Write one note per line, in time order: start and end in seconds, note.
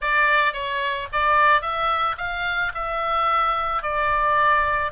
0.01 0.53 D5
0.53 1.08 C#5
1.12 1.61 D5
1.61 2.15 E5
2.17 2.72 F5
2.74 3.82 E5
3.82 4.91 D5